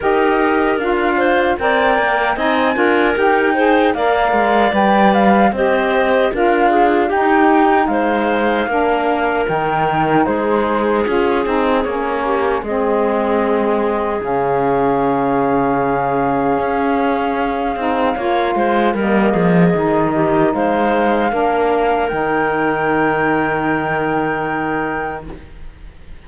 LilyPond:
<<
  \new Staff \with { instrumentName = "flute" } { \time 4/4 \tempo 4 = 76 dis''4 f''4 g''4 gis''4 | g''4 f''4 g''8 f''8 dis''4 | f''4 g''4 f''2 | g''4 c''4 gis'4 cis''4 |
dis''2 f''2~ | f''1 | dis''2 f''2 | g''1 | }
  \new Staff \with { instrumentName = "clarinet" } { \time 4/4 ais'4. c''8 d''4 dis''8 ais'8~ | ais'8 c''8 d''2 c''4 | ais'8 gis'8 g'4 c''4 ais'4~ | ais'4 gis'2~ gis'8 g'8 |
gis'1~ | gis'2. cis''8 c''8 | ais'8 gis'4 g'8 c''4 ais'4~ | ais'1 | }
  \new Staff \with { instrumentName = "saxophone" } { \time 4/4 g'4 f'4 ais'4 dis'8 f'8 | g'8 gis'8 ais'4 b'4 g'4 | f'4 dis'2 d'4 | dis'2 f'8 dis'8 cis'4 |
c'2 cis'2~ | cis'2~ cis'8 dis'8 f'4 | ais4 dis'2 d'4 | dis'1 | }
  \new Staff \with { instrumentName = "cello" } { \time 4/4 dis'4 d'4 c'8 ais8 c'8 d'8 | dis'4 ais8 gis8 g4 c'4 | d'4 dis'4 gis4 ais4 | dis4 gis4 cis'8 c'8 ais4 |
gis2 cis2~ | cis4 cis'4. c'8 ais8 gis8 | g8 f8 dis4 gis4 ais4 | dis1 | }
>>